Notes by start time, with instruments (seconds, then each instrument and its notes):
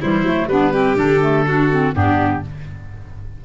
0.00 tuba E3, clarinet G3, violin E4, oboe C5
0.22 tuba F#3, clarinet A3
0.46 tuba G3, clarinet B3, violin D4, oboe B4
0.72 clarinet C4, violin G4
0.96 tuba D3, clarinet D4, oboe A4
1.21 clarinet A3
1.45 clarinet D4, violin F#4
1.70 clarinet C4
1.93 tuba G2, clarinet B3, violin D4, oboe G4